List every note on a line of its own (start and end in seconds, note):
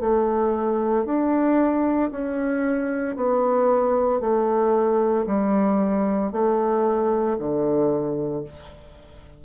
0.00 1.05 A3
1.05 2.11 D4
2.11 3.16 C#4
3.16 4.21 B3
4.21 5.26 A3
5.27 6.32 G3
6.33 7.38 A3
7.39 8.44 D3